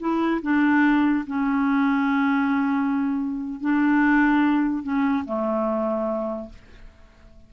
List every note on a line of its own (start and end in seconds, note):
0.00 0.41 E4
0.42 1.25 D4
1.27 3.61 C#4
3.61 4.83 D4
4.83 5.24 C#4
5.25 6.49 A3